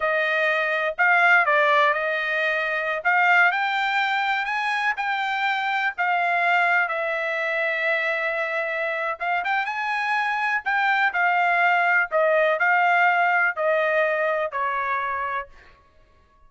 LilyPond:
\new Staff \with { instrumentName = "trumpet" } { \time 4/4 \tempo 4 = 124 dis''2 f''4 d''4 | dis''2~ dis''16 f''4 g''8.~ | g''4~ g''16 gis''4 g''4.~ g''16~ | g''16 f''2 e''4.~ e''16~ |
e''2. f''8 g''8 | gis''2 g''4 f''4~ | f''4 dis''4 f''2 | dis''2 cis''2 | }